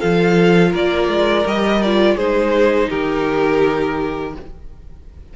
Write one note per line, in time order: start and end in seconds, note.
0.00 0.74 F3
0.00 1.45 F4
0.00 0.71 A4
0.00 0.73 F5
0.71 1.09 A#3
0.71 2.15 A#4
0.71 1.48 D5
1.09 1.45 G#3
1.47 2.16 G3
1.47 1.83 G4
1.47 1.82 D#5
1.82 2.19 F4
1.82 2.17 D5
2.16 2.88 G#3
2.16 4.36 D#4
2.16 2.89 G#4
2.16 2.90 C5
2.89 4.36 D#3
2.89 4.34 G4
2.89 4.35 A#4